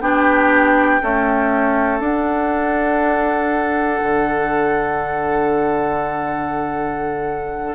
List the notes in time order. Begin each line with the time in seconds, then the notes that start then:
0.00 B3 D4 G4 G5
1.02 A3 C#4 A4
2.00 D4 F#5
4.03 D3